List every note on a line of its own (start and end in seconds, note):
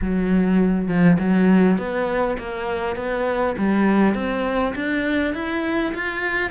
0.01 0.87 F#3
0.87 1.17 F3
1.19 1.77 F#3
1.77 2.37 B3
2.38 2.96 A#3
2.96 3.55 B3
3.57 4.14 G3
4.14 4.74 C4
4.75 5.33 D4
5.33 5.93 E4
5.94 6.50 F4